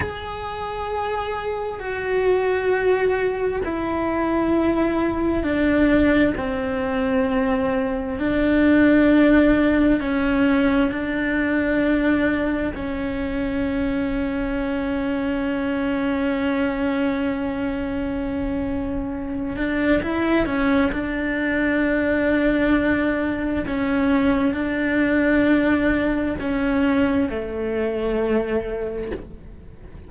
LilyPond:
\new Staff \with { instrumentName = "cello" } { \time 4/4 \tempo 4 = 66 gis'2 fis'2 | e'2 d'4 c'4~ | c'4 d'2 cis'4 | d'2 cis'2~ |
cis'1~ | cis'4. d'8 e'8 cis'8 d'4~ | d'2 cis'4 d'4~ | d'4 cis'4 a2 | }